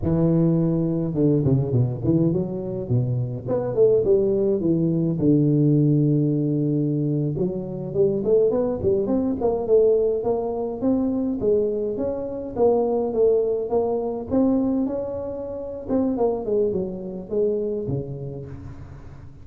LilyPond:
\new Staff \with { instrumentName = "tuba" } { \time 4/4 \tempo 4 = 104 e2 d8 cis8 b,8 e8 | fis4 b,4 b8 a8 g4 | e4 d2.~ | d8. fis4 g8 a8 b8 g8 c'16~ |
c'16 ais8 a4 ais4 c'4 gis16~ | gis8. cis'4 ais4 a4 ais16~ | ais8. c'4 cis'4.~ cis'16 c'8 | ais8 gis8 fis4 gis4 cis4 | }